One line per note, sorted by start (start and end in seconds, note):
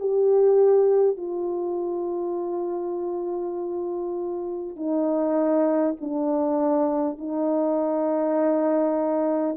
0.00 1.17 G4
1.17 4.76 F4
4.76 5.96 D#4
6.01 7.18 D4
7.18 9.57 D#4